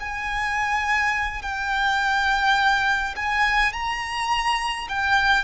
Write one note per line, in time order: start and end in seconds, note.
0.00 1.42 G#5
1.42 3.15 G5
3.16 3.73 G#5
3.73 4.88 A#5
4.89 5.44 G5